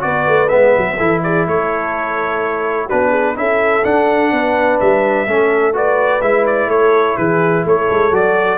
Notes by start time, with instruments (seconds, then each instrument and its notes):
0.00 tuba B3, trombone F#4, horn B4, trumpet D5
0.27 tuba A3
0.49 tuba G#3, trombone B3, trumpet E5
0.77 tuba F#3
0.97 tuba E3, trombone E4, horn A4
1.23 horn G#4, trumpet D5
1.46 tuba A3, horn A4, trumpet C#5
2.86 trombone D4, horn F#4, trumpet B4
2.92 tuba B3
3.10 horn G#4
3.35 tuba C#4, trombone E4, horn A4, trumpet E5
3.84 trombone D4, tuba D4, trumpet F#5
4.32 tuba B3, horn B4
4.80 tuba G3, trumpet E5
5.27 tuba A3, trombone C#4, horn A4
5.73 trombone F#4, horn B4, trumpet D5
6.22 tuba G#3, trombone E4, trumpet E5
6.46 trumpet D5
6.67 tuba A3, horn A4, trumpet C#5
7.17 tuba E3, horn G#4, trumpet B4
7.65 tuba A3, horn A4, trumpet C#5
7.90 tuba G#3
8.12 tuba F#3, trombone F#4, trumpet D5